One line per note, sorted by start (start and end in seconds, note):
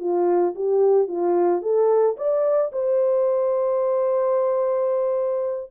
0.00 0.55 F4
0.55 1.08 G4
1.08 1.62 F4
1.62 2.16 A4
2.17 2.72 D5
2.72 5.71 C5